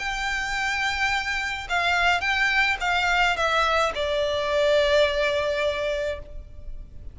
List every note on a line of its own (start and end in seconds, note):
0.00 1.68 G5
1.70 2.21 F5
2.21 2.77 G5
2.81 3.37 F5
3.37 3.93 E5
3.96 6.20 D5